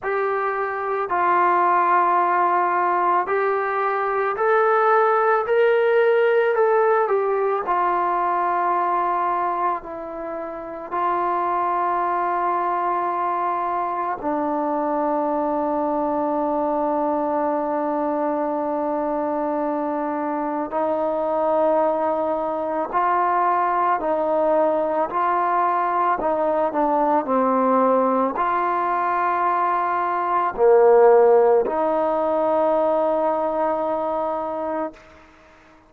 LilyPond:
\new Staff \with { instrumentName = "trombone" } { \time 4/4 \tempo 4 = 55 g'4 f'2 g'4 | a'4 ais'4 a'8 g'8 f'4~ | f'4 e'4 f'2~ | f'4 d'2.~ |
d'2. dis'4~ | dis'4 f'4 dis'4 f'4 | dis'8 d'8 c'4 f'2 | ais4 dis'2. | }